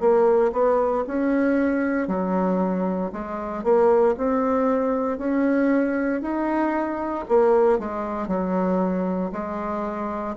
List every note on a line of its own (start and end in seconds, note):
0.00 0.52 A#3
0.53 1.04 B3
1.07 2.08 C#4
2.08 3.11 F#3
3.12 3.63 G#3
3.63 4.15 A#3
4.17 5.18 C4
5.18 6.22 C#4
6.22 7.25 D#4
7.28 7.79 A#3
7.79 8.28 G#3
8.28 9.31 F#3
9.32 10.35 G#3